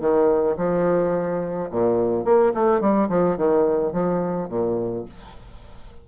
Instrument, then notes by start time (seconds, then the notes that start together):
bassoon
0.00 D#3
0.57 F3
1.71 A#2
2.25 A#3
2.54 A3
2.80 G3
3.09 F3
3.37 D#3
3.93 F3
4.49 A#2